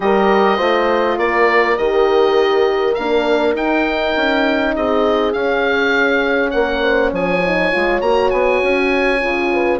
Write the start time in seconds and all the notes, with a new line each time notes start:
0.00 G3 G4 A#4 D#5
0.57 A3 F4 C5
1.18 A#3 A#4 D5
1.77 D#3 G4 D#5
2.94 A#3 D4 F5
3.53 D#4 G5
4.16 C#4
4.76 C4 G#4 D#5
5.32 C#4 F5
6.50 A#3 A#4 F#5
6.82 C5
7.12 F3 C#5 G#5
7.43 D#4
7.72 G#3 F4
8.01 A#3 F#4 A#5
8.30 B3 G#5
8.62 C#4
9.20 C#3 F4
9.52 B4